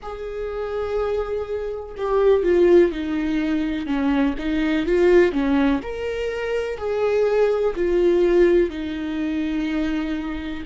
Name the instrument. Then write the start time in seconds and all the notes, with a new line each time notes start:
viola
0.02 G#4
1.97 G4
2.43 F4
2.91 D#4
3.86 C#4
4.38 D#4
4.86 F4
5.32 C#4
5.82 A#4
6.77 G#4
7.75 F4
8.70 D#4